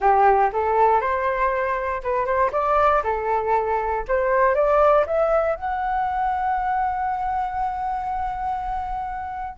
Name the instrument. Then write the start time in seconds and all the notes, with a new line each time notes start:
flute
0.00 G4
0.52 A4
1.00 C5
2.03 B4
2.25 C5
2.52 D5
3.03 A4
4.07 C5
4.54 D5
5.06 E5
5.55 F#5